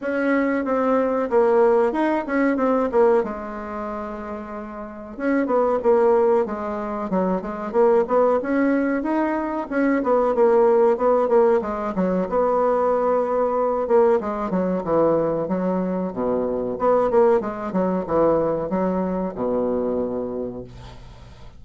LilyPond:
\new Staff \with { instrumentName = "bassoon" } { \time 4/4 \tempo 4 = 93 cis'4 c'4 ais4 dis'8 cis'8 | c'8 ais8 gis2. | cis'8 b8 ais4 gis4 fis8 gis8 | ais8 b8 cis'4 dis'4 cis'8 b8 |
ais4 b8 ais8 gis8 fis8 b4~ | b4. ais8 gis8 fis8 e4 | fis4 b,4 b8 ais8 gis8 fis8 | e4 fis4 b,2 | }